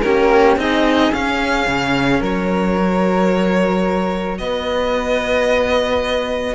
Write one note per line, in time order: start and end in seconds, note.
0.00 0.57 C#4
0.00 0.58 G4
0.00 0.55 A#4
0.06 0.56 A#3
0.56 1.11 C4
0.56 1.12 D#4
0.56 2.19 G#4
0.56 1.13 D#5
1.11 1.66 C#4
1.11 2.77 C#4
1.11 2.22 F5
1.66 2.21 C#3
2.19 4.39 F#3
2.19 4.37 A#4
2.19 4.38 C#5
2.77 6.54 F#4
4.38 6.54 B3
4.38 6.54 B4
4.38 6.54 D#5